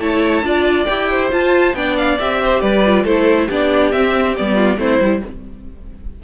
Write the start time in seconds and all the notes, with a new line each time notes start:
0.00 A3 E4 C#5 A5
0.43 D4 F4 D5
0.85 E4 G4 G5
1.11 C5
1.32 F4 A5
1.74 B3 D4 D5 G5
1.97 F5
2.20 C4 G4 E5
2.43 C5
2.61 G3 B4 D5
2.86 F4
3.03 A3 E4 A4 C5
3.47 B3 D4 G4 D5
3.92 C4 E5
4.36 G3 B3 D5
4.55 F4
4.78 A3 C4 E4 C5
5.00 G3 E4